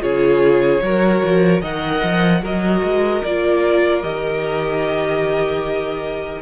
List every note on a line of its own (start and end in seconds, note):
0.00 0.81 C#3
0.00 0.80 F4
0.00 0.82 G#4
0.00 1.62 C#5
0.81 1.21 F#3
0.81 1.62 F#4
0.81 1.61 A#4
1.24 1.61 F3
1.61 2.01 D#3
1.61 2.42 A#4
1.61 2.41 D#5
1.61 2.44 F#5
2.03 2.42 F3
2.42 2.82 F#3
2.42 3.23 F#4
2.42 6.42 A#4
2.42 3.24 D#5
2.83 3.23 G#3
3.24 4.03 A#3
3.24 4.03 F4
3.24 4.02 D5
4.02 6.42 D#3
4.02 6.42 G4
4.02 6.42 D#5